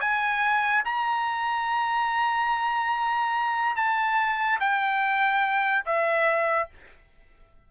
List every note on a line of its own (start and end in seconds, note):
0.00 0.83 G#5
0.84 3.76 A#5
3.76 4.59 A5
4.59 5.84 G5
5.85 6.69 E5